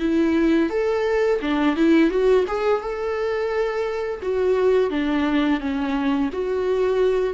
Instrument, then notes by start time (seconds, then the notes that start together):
viola
0.00 E4
0.70 A4
1.42 D4
1.76 E4
2.10 F#4
2.47 G#4
2.81 A4
4.22 F#4
4.90 D4
5.60 C#4
6.33 F#4